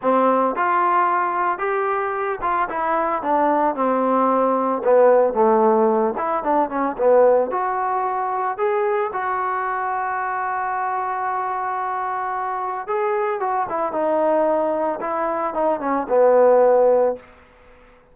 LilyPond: \new Staff \with { instrumentName = "trombone" } { \time 4/4 \tempo 4 = 112 c'4 f'2 g'4~ | g'8 f'8 e'4 d'4 c'4~ | c'4 b4 a4. e'8 | d'8 cis'8 b4 fis'2 |
gis'4 fis'2.~ | fis'1 | gis'4 fis'8 e'8 dis'2 | e'4 dis'8 cis'8 b2 | }